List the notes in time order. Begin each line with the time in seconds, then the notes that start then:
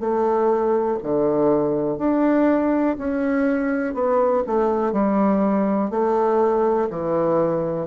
0.00 A3
1.03 D3
1.99 D4
2.99 C#4
3.94 B3
4.47 A3
4.93 G3
5.91 A3
6.90 E3